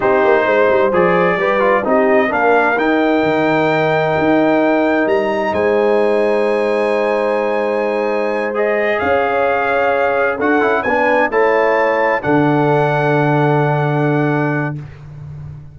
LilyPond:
<<
  \new Staff \with { instrumentName = "trumpet" } { \time 4/4 \tempo 4 = 130 c''2 d''2 | dis''4 f''4 g''2~ | g''2. ais''4 | gis''1~ |
gis''2~ gis''8 dis''4 f''8~ | f''2~ f''8 fis''4 gis''8~ | gis''8 a''2 fis''4.~ | fis''1 | }
  \new Staff \with { instrumentName = "horn" } { \time 4/4 g'4 c''2 b'4 | g'4 ais'2.~ | ais'1 | c''1~ |
c''2.~ c''8 cis''8~ | cis''2~ cis''8 a'4 b'8~ | b'8 cis''2 a'4.~ | a'1 | }
  \new Staff \with { instrumentName = "trombone" } { \time 4/4 dis'2 gis'4 g'8 f'8 | dis'4 d'4 dis'2~ | dis'1~ | dis'1~ |
dis'2~ dis'8 gis'4.~ | gis'2~ gis'8 fis'8 e'8 d'8~ | d'8 e'2 d'4.~ | d'1 | }
  \new Staff \with { instrumentName = "tuba" } { \time 4/4 c'8 ais8 gis8 g8 f4 g4 | c'4 ais4 dis'4 dis4~ | dis4 dis'2 g4 | gis1~ |
gis2.~ gis8 cis'8~ | cis'2~ cis'8 d'8 cis'8 b8~ | b8 a2 d4.~ | d1 | }
>>